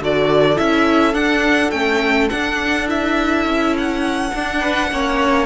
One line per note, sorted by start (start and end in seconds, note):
0.00 0.58 D3
0.00 0.56 F#4
0.00 4.60 A4
0.00 0.58 D5
0.56 1.14 C#4
0.56 1.14 E4
0.56 1.14 E5
1.14 1.71 D4
1.14 1.72 D4
1.14 1.71 F#5
1.71 2.29 A3
1.71 2.30 C#4
1.71 2.28 G5
2.30 2.87 D4
2.30 3.45 D4
2.30 2.87 F#5
2.87 4.31 E4
2.87 3.76 E5
3.45 4.31 C#4
3.77 5.46 F#5
4.34 4.91 D4
4.34 4.92 D4
4.60 4.89 B4
4.91 5.46 A#3
4.91 5.46 C#4
4.91 5.46 C#5